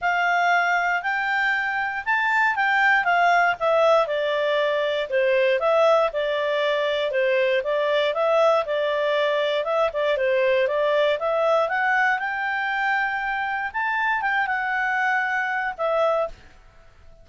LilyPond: \new Staff \with { instrumentName = "clarinet" } { \time 4/4 \tempo 4 = 118 f''2 g''2 | a''4 g''4 f''4 e''4 | d''2 c''4 e''4 | d''2 c''4 d''4 |
e''4 d''2 e''8 d''8 | c''4 d''4 e''4 fis''4 | g''2. a''4 | g''8 fis''2~ fis''8 e''4 | }